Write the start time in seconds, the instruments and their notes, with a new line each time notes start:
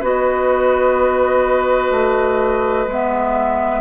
0.00 bassoon B3, clarinet F#4, oboe B4, flute D#5
1.91 bassoon A3
2.87 bassoon G#3, clarinet B3, flute E5